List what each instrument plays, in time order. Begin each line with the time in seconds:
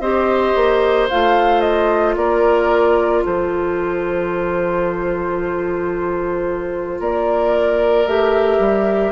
0.00 bassoon C4, clarinet G4, oboe C5, flute D#5
0.55 bassoon A#3
1.10 bassoon A3, clarinet F4, flute F5
1.61 flute D#5
2.16 bassoon A#3, oboe A#4, flute D5
3.25 bassoon F3, oboe A4, flute C5
7.00 bassoon A#3, oboe A#4, flute D5
8.07 bassoon A3, clarinet G4, flute E5
8.59 bassoon G3